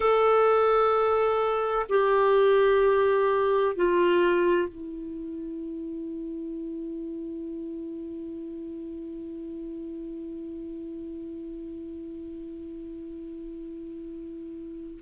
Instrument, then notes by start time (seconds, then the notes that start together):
clarinet
0.00 A4
1.89 G4
3.75 F4
4.68 E4